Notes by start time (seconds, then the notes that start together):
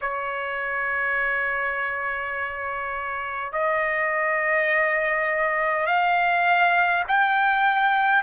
0.01 C#5
3.52 D#5
5.86 F5
7.07 G5